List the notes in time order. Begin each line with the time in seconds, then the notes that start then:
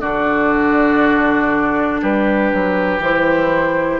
0.00 D3 D4 F#4 D5
2.02 G3 G4 B4
2.53 F#3
2.99 E3 E4 C5